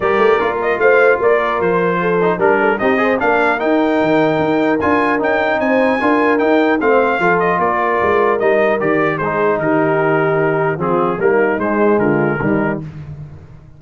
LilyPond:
<<
  \new Staff \with { instrumentName = "trumpet" } { \time 4/4 \tempo 4 = 150 d''4. dis''8 f''4 d''4 | c''2 ais'4 dis''4 | f''4 g''2. | gis''4 g''4 gis''2 |
g''4 f''4. dis''8 d''4~ | d''4 dis''4 d''4 c''4 | ais'2. gis'4 | ais'4 c''4 ais'2 | }
  \new Staff \with { instrumentName = "horn" } { \time 4/4 ais'2 c''4 ais'4~ | ais'4 a'4 ais'8 a'8 g'8 c''8 | ais'1~ | ais'2 c''4 ais'4~ |
ais'4 c''4 a'4 ais'4~ | ais'2. gis'4 | g'2. f'4 | dis'2 f'4 dis'4 | }
  \new Staff \with { instrumentName = "trombone" } { \time 4/4 g'4 f'2.~ | f'4. dis'8 d'4 dis'8 gis'8 | d'4 dis'2. | f'4 dis'2 f'4 |
dis'4 c'4 f'2~ | f'4 dis'4 g'4 dis'4~ | dis'2. c'4 | ais4 gis2 g4 | }
  \new Staff \with { instrumentName = "tuba" } { \time 4/4 g8 a8 ais4 a4 ais4 | f2 g4 c'4 | ais4 dis'4 dis4 dis'4 | d'4 cis'4 c'4 d'4 |
dis'4 a4 f4 ais4 | gis4 g4 dis4 gis4 | dis2. f4 | g4 gis4 d4 dis4 | }
>>